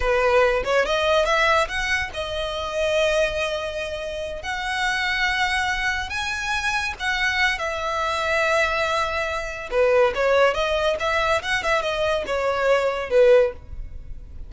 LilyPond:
\new Staff \with { instrumentName = "violin" } { \time 4/4 \tempo 4 = 142 b'4. cis''8 dis''4 e''4 | fis''4 dis''2.~ | dis''2~ dis''8 fis''4.~ | fis''2~ fis''8 gis''4.~ |
gis''8 fis''4. e''2~ | e''2. b'4 | cis''4 dis''4 e''4 fis''8 e''8 | dis''4 cis''2 b'4 | }